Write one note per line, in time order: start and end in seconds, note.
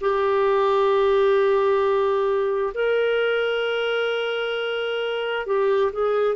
0.00 2.73 G4
2.74 5.46 A#4
5.46 5.91 G4
5.93 6.35 G#4